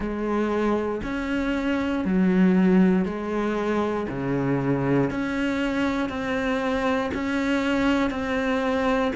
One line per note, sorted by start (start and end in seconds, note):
0.00 1.01 G#3
1.03 2.04 C#4
2.04 3.05 F#3
3.05 4.07 G#3
4.08 5.10 C#3
5.10 6.09 C#4
6.09 7.10 C4
7.14 8.10 C#4
8.10 9.12 C4